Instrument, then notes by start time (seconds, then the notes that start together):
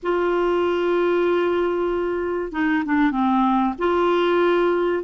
clarinet
0.02 F4
2.51 D#4
2.85 D4
3.11 C4
3.78 F4